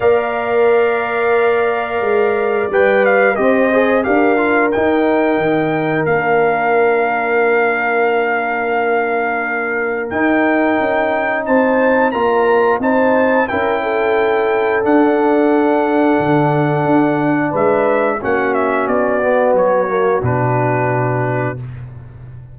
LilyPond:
<<
  \new Staff \with { instrumentName = "trumpet" } { \time 4/4 \tempo 4 = 89 f''1 | g''8 f''8 dis''4 f''4 g''4~ | g''4 f''2.~ | f''2. g''4~ |
g''4 a''4 ais''4 a''4 | g''2 fis''2~ | fis''2 e''4 fis''8 e''8 | d''4 cis''4 b'2 | }
  \new Staff \with { instrumentName = "horn" } { \time 4/4 d''1~ | d''4 c''4 ais'2~ | ais'1~ | ais'1~ |
ais'4 c''4 ais'4 c''4 | ais'8 a'2.~ a'8~ | a'2 b'4 fis'4~ | fis'1 | }
  \new Staff \with { instrumentName = "trombone" } { \time 4/4 ais'1 | b'4 g'8 gis'8 g'8 f'8 dis'4~ | dis'4 d'2.~ | d'2. dis'4~ |
dis'2 f'4 dis'4 | e'2 d'2~ | d'2. cis'4~ | cis'8 b4 ais8 d'2 | }
  \new Staff \with { instrumentName = "tuba" } { \time 4/4 ais2. gis4 | g4 c'4 d'4 dis'4 | dis4 ais2.~ | ais2. dis'4 |
cis'4 c'4 ais4 c'4 | cis'2 d'2 | d4 d'4 gis4 ais4 | b4 fis4 b,2 | }
>>